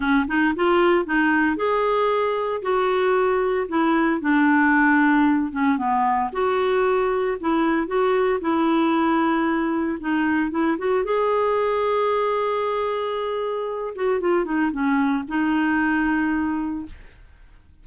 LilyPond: \new Staff \with { instrumentName = "clarinet" } { \time 4/4 \tempo 4 = 114 cis'8 dis'8 f'4 dis'4 gis'4~ | gis'4 fis'2 e'4 | d'2~ d'8 cis'8 b4 | fis'2 e'4 fis'4 |
e'2. dis'4 | e'8 fis'8 gis'2.~ | gis'2~ gis'8 fis'8 f'8 dis'8 | cis'4 dis'2. | }